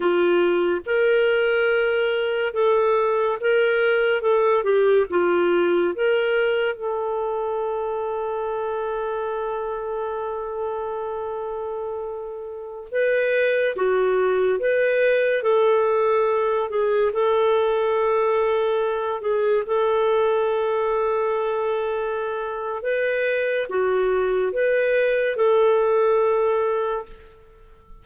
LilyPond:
\new Staff \with { instrumentName = "clarinet" } { \time 4/4 \tempo 4 = 71 f'4 ais'2 a'4 | ais'4 a'8 g'8 f'4 ais'4 | a'1~ | a'2.~ a'16 b'8.~ |
b'16 fis'4 b'4 a'4. gis'16~ | gis'16 a'2~ a'8 gis'8 a'8.~ | a'2. b'4 | fis'4 b'4 a'2 | }